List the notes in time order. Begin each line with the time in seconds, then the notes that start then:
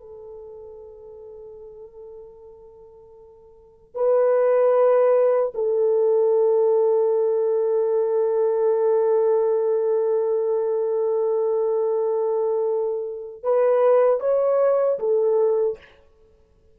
0.00 A4
3.95 B4
5.54 A4
13.43 B4
14.20 C#5
14.99 A4